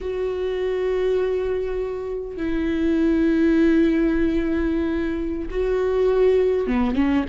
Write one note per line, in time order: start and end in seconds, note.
0.00 2.37 F#4
2.37 5.48 E4
5.50 6.67 F#4
6.67 6.95 B3
6.95 7.24 C#4